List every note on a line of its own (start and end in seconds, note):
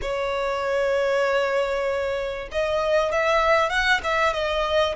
0.01 2.49 C#5
2.51 3.12 D#5
3.12 3.69 E5
3.69 4.00 F#5
4.03 4.33 E5
4.33 4.95 D#5